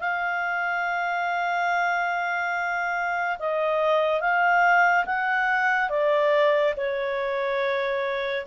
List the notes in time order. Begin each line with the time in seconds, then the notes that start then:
0.00 F5
3.39 D#5
4.21 F5
5.06 F#5
5.90 D5
6.77 C#5